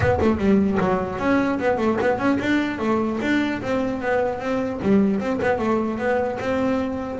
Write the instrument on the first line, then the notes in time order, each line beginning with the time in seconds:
double bass
0.00 B3
0.20 A3
0.38 G3
0.79 F#3
1.18 C#4
1.59 B3
1.77 A3
2.00 B3
2.18 C#4
2.39 D4
2.78 A3
3.21 D4
3.62 C4
4.01 B3
4.39 C4
4.82 G3
5.19 C4
5.41 B3
5.58 A3
5.98 B3
6.39 C4